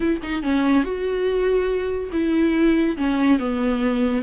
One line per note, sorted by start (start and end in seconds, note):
0.00 0.20 E4
0.22 0.42 D#4
0.42 0.83 C#4
0.83 2.10 F#4
2.12 2.97 E4
2.97 3.39 C#4
3.39 4.22 B3